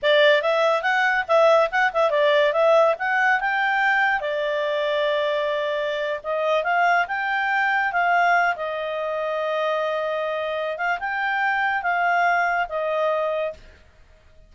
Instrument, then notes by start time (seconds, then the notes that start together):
clarinet
0.02 D5
0.42 E5
0.82 F#5
1.28 E5
1.71 F#5
1.93 E5
2.10 D5
2.53 E5
2.98 F#5
3.40 G5
4.20 D5
6.23 D#5
6.63 F5
7.07 G5
7.92 F5
8.56 D#5
10.77 F5
10.99 G5
11.82 F5
12.68 D#5